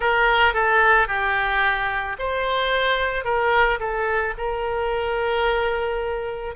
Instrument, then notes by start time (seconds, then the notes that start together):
oboe
0.00 A#4
0.53 A4
1.07 G4
2.18 C5
3.24 A#4
3.79 A4
4.37 A#4